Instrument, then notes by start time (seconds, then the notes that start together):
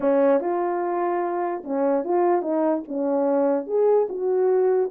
horn
0.00 C#4
0.40 F4
1.64 C#4
2.04 F4
2.42 D#4
2.88 C#4
3.66 G#4
4.09 F#4